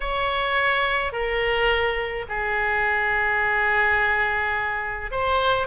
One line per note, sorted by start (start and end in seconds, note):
0.00 1.12 C#5
1.12 2.25 A#4
2.28 5.11 G#4
5.11 5.67 C5